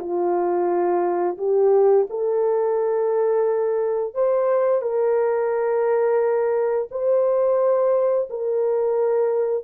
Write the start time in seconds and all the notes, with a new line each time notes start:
0.00 F4
1.39 G4
2.10 A4
4.15 C5
4.82 A#4
6.92 C5
8.30 A#4